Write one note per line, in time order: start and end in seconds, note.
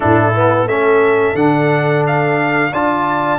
0.00 0.66 A2
0.00 0.34 D4
0.00 0.67 E4
0.00 0.67 A4
0.34 0.68 B3
0.66 1.34 A3
0.66 1.35 C#4
0.66 2.72 A4
0.66 1.36 E5
1.34 2.70 D3
1.34 2.71 D4
1.34 2.04 F#5
2.06 2.73 F5
2.72 3.39 D4
2.72 3.39 F4
2.72 3.39 D5
2.72 3.39 A5